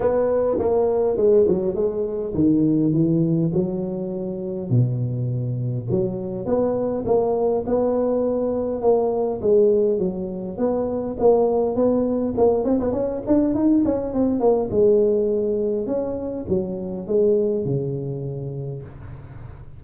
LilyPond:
\new Staff \with { instrumentName = "tuba" } { \time 4/4 \tempo 4 = 102 b4 ais4 gis8 fis8 gis4 | dis4 e4 fis2 | b,2 fis4 b4 | ais4 b2 ais4 |
gis4 fis4 b4 ais4 | b4 ais8 c'16 b16 cis'8 d'8 dis'8 cis'8 | c'8 ais8 gis2 cis'4 | fis4 gis4 cis2 | }